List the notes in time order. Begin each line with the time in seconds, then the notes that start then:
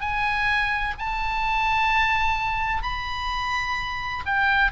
0.00 G#5
0.98 A5
2.83 B5
4.26 G5